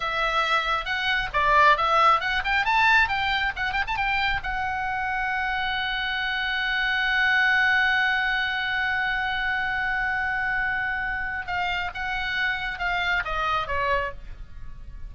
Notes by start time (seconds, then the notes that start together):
0.00 E5
0.85 F#5
1.33 D5
1.77 E5
2.20 F#5
2.44 G5
2.65 A5
3.08 G5
3.56 F#5
3.73 G5
3.87 A5
3.96 G5
4.43 F#5
11.46 F5
11.94 F#5
12.78 F5
13.24 D#5
13.67 C#5